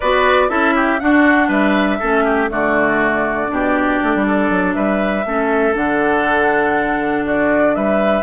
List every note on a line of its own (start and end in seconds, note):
0.00 0.49 B3
0.00 0.49 F#4
0.00 0.48 B4
0.00 0.49 D5
0.49 0.99 C#4
0.49 0.99 E4
0.49 0.74 A4
0.49 0.99 E5
0.75 1.00 G4
0.99 2.00 D4
0.99 1.48 D4
0.99 1.48 F#4
0.99 1.49 F#5
1.48 1.98 G3
1.48 1.98 B4
1.48 2.50 E5
1.99 2.50 A3
1.99 2.49 C#4
1.99 2.24 A4
2.24 2.49 G4
2.49 3.50 D3
2.49 3.47 A3
2.49 3.51 F#4
2.49 4.73 D5
3.47 4.00 B2
3.47 5.22 D4
3.47 4.26 G4
4.03 4.15 A3
4.15 4.50 G3
4.26 4.75 A4
4.50 4.75 F#3
4.73 5.25 G3
4.73 5.25 B4
4.73 5.73 E5
5.25 5.75 A3
5.25 5.73 C#4
5.25 7.25 A4
5.73 7.75 D3
5.73 8.22 D4
5.73 7.25 F#5
7.25 7.75 F#4
7.25 7.74 D5
7.74 8.22 G3
7.74 8.22 B4
7.74 8.22 E5